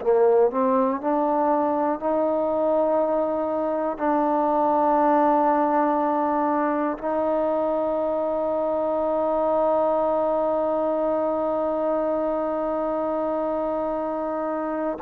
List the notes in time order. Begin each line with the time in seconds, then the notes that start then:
0.00 A#3
0.50 C4
1.00 D4
1.99 D#4
3.97 D4
6.98 D#4